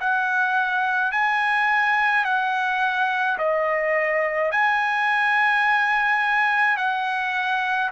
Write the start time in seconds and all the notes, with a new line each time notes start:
0.00 F#5
1.12 G#5
2.25 F#5
3.38 D#5
4.51 G#5
6.77 F#5